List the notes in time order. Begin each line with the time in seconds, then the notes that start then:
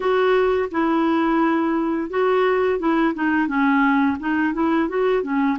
0.00 F#4
0.71 E4
2.10 F#4
2.79 E4
3.14 D#4
3.47 C#4
4.19 D#4
4.53 E4
4.88 F#4
5.23 C#4